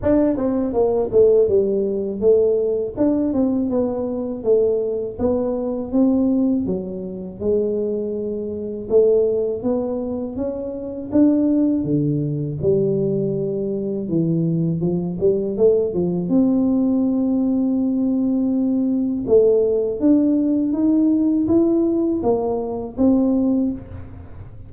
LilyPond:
\new Staff \with { instrumentName = "tuba" } { \time 4/4 \tempo 4 = 81 d'8 c'8 ais8 a8 g4 a4 | d'8 c'8 b4 a4 b4 | c'4 fis4 gis2 | a4 b4 cis'4 d'4 |
d4 g2 e4 | f8 g8 a8 f8 c'2~ | c'2 a4 d'4 | dis'4 e'4 ais4 c'4 | }